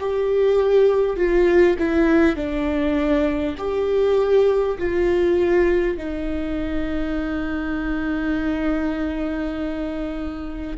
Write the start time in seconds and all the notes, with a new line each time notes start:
0.00 G4
1.17 F4
1.79 E4
2.36 D4
3.58 G4
4.79 F4
5.98 D#4